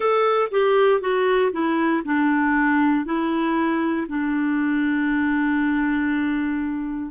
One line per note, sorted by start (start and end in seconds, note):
0.00 0.49 A4
0.51 1.00 G4
1.00 1.51 F#4
1.52 2.02 E4
2.04 3.05 D4
3.05 4.07 E4
4.08 7.10 D4